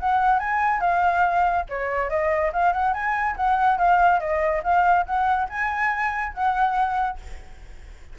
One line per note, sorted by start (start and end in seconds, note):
0.00 0.40 F#5
0.40 0.81 G#5
0.81 1.66 F5
1.70 2.10 C#5
2.10 2.52 D#5
2.53 2.73 F5
2.73 2.94 F#5
2.94 3.36 G#5
3.37 3.79 F#5
3.79 4.21 F5
4.21 4.63 D#5
4.64 5.06 F5
5.06 5.49 F#5
5.50 6.34 G#5
6.34 7.19 F#5